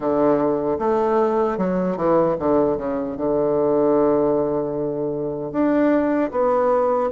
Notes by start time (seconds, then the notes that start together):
0.00 D3
0.79 A3
1.57 F#3
1.96 E3
2.39 D3
2.77 C#3
3.16 D3
5.52 D4
6.31 B3